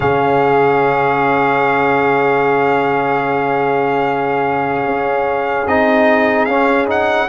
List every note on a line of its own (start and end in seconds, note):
0.00 4.86 C#3
0.00 5.67 C#4
0.00 7.29 G#4
0.00 5.67 F5
4.86 5.66 C#4
5.66 6.47 C4
5.66 6.49 D#4
5.66 6.45 D#5
6.45 7.28 C#4
6.45 6.87 C#4
6.45 6.85 F5
6.87 7.27 D#4
6.87 7.29 F#5